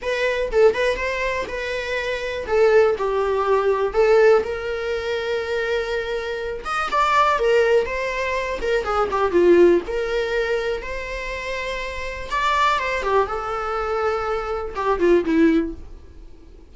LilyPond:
\new Staff \with { instrumentName = "viola" } { \time 4/4 \tempo 4 = 122 b'4 a'8 b'8 c''4 b'4~ | b'4 a'4 g'2 | a'4 ais'2.~ | ais'4. dis''8 d''4 ais'4 |
c''4. ais'8 gis'8 g'8 f'4 | ais'2 c''2~ | c''4 d''4 c''8 g'8 a'4~ | a'2 g'8 f'8 e'4 | }